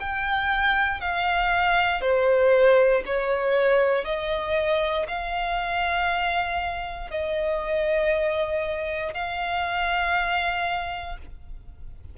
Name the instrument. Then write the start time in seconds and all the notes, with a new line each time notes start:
violin
0.00 G5
1.01 F5
2.02 C5
3.06 C#5
4.05 D#5
5.08 F5
7.11 D#5
9.14 F5